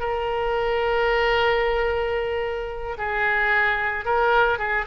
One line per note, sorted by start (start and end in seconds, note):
0.00 2.97 A#4
2.98 4.05 G#4
4.05 4.59 A#4
4.59 4.86 G#4